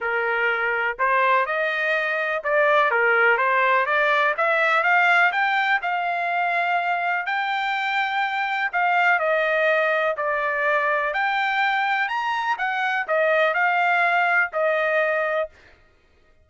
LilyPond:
\new Staff \with { instrumentName = "trumpet" } { \time 4/4 \tempo 4 = 124 ais'2 c''4 dis''4~ | dis''4 d''4 ais'4 c''4 | d''4 e''4 f''4 g''4 | f''2. g''4~ |
g''2 f''4 dis''4~ | dis''4 d''2 g''4~ | g''4 ais''4 fis''4 dis''4 | f''2 dis''2 | }